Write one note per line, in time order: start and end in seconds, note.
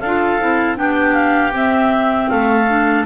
0.00 0.40 D4
0.00 0.39 F4
0.00 0.76 A4
0.00 0.76 F5
0.39 0.77 C4
0.39 0.76 E4
0.76 1.52 B3
0.76 1.52 D4
0.76 2.30 G4
0.76 1.13 G5
1.13 1.51 F5
1.52 2.66 C4
1.52 2.28 C4
1.52 2.29 E5
2.29 3.05 A3
2.29 3.05 A4
2.29 3.05 F5
2.68 3.05 D4